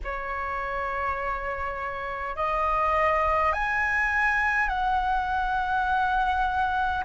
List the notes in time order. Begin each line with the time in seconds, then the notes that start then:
0.04 C#5
2.35 D#5
3.52 G#5
4.68 F#5